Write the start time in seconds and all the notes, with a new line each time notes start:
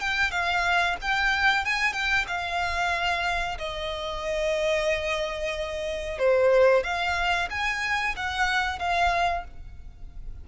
0.00 G5
0.31 F5
1.01 G5
1.65 G#5
1.93 G5
2.27 F5
3.58 D#5
6.18 C5
6.83 F5
7.50 G#5
8.16 F#5
8.78 F5